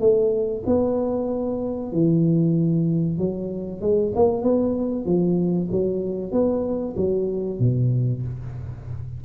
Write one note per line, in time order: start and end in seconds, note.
0.00 0.63 A3
0.66 1.92 B3
1.92 3.18 E3
3.18 3.81 F#3
3.81 4.13 G#3
4.15 4.42 A#3
4.42 5.05 B3
5.06 5.69 F3
5.72 6.32 F#3
6.32 6.95 B3
6.97 7.59 F#3
7.59 8.22 B2